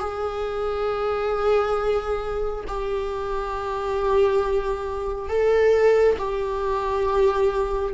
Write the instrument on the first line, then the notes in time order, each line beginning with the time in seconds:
viola
0.00 G#4
2.68 G4
5.29 A4
6.18 G4